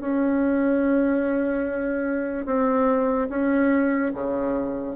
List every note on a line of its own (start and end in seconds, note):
0.00 2.45 C#4
2.45 3.28 C4
3.29 4.11 C#4
4.14 4.95 C#3